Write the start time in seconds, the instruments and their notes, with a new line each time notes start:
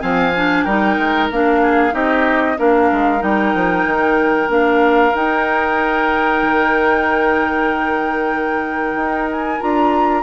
0.00 bassoon F3, clarinet C4, oboe F5, flute G#5
0.37 clarinet D4
0.64 bassoon G3, clarinet D#4, oboe A#4, flute G5
0.98 bassoon G#3
1.31 bassoon A#3, clarinet D4, flute F5
1.62 oboe G#4
1.92 bassoon C4, clarinet D#4, oboe G4, flute D#5
2.58 bassoon A#3, clarinet D4, oboe A#4, flute F5
2.93 bassoon G#3
3.19 bassoon G3, clarinet D#4, flute G5
3.54 bassoon F3
3.85 bassoon D#3
4.49 bassoon A#3, clarinet D4, flute F5
5.15 bassoon D#4, clarinet D#4, flute G5
6.42 bassoon D#3
8.95 bassoon D#4
9.32 flute G#5
9.61 bassoon D4, clarinet F4, flute A#5